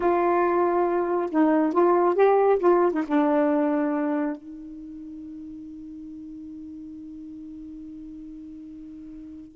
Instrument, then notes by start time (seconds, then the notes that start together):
saxophone
0.00 F4
1.31 D#4
1.73 F4
2.15 G4
2.59 F4
2.92 D#4
3.07 D4
4.36 D#4